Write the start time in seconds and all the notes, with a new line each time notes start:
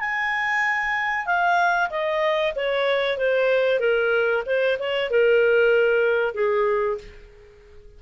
0.00 G#5
1.26 F5
1.90 D#5
2.56 C#5
3.18 C5
3.80 A#4
4.47 C5
4.79 C#5
5.11 A#4
6.35 G#4